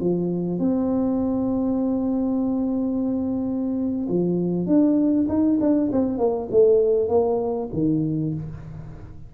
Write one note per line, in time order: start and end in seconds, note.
0.00 0.59 F3
0.59 4.07 C4
4.09 4.66 F3
4.66 5.27 D4
5.28 5.59 D#4
5.60 5.90 D4
5.92 6.18 C4
6.18 6.48 A#3
6.50 7.08 A3
7.08 7.69 A#3
7.73 8.34 D#3